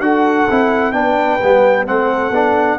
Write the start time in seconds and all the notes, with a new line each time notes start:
0.00 D4 F#4 A4 F#5
0.50 C4 E4
0.92 B3 D4 B4 G5
1.42 G3 B3
1.86 A3 C4 A4 F#5
2.30 B3 D4